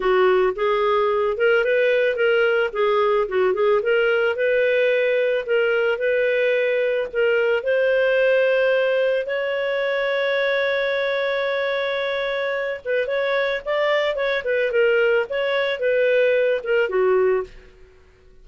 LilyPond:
\new Staff \with { instrumentName = "clarinet" } { \time 4/4 \tempo 4 = 110 fis'4 gis'4. ais'8 b'4 | ais'4 gis'4 fis'8 gis'8 ais'4 | b'2 ais'4 b'4~ | b'4 ais'4 c''2~ |
c''4 cis''2.~ | cis''2.~ cis''8 b'8 | cis''4 d''4 cis''8 b'8 ais'4 | cis''4 b'4. ais'8 fis'4 | }